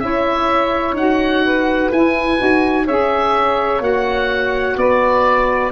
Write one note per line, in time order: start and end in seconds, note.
0.00 0.93 C#4
0.00 0.96 E4
0.00 1.44 C#5
0.00 0.95 E5
0.93 1.89 D#4
0.93 1.93 F#4
0.93 1.92 F#5
1.44 2.85 B4
1.92 2.39 E4
1.92 2.38 E4
1.92 2.88 G#5
2.38 2.88 D#4
2.38 2.86 F#4
2.85 3.81 C#4
2.85 3.80 G#4
2.85 4.76 C#5
2.85 3.83 E5
3.80 4.76 A#3
3.80 5.71 F#4
3.80 4.78 F#5
4.77 5.72 B3
4.77 5.72 B4
4.77 5.72 D5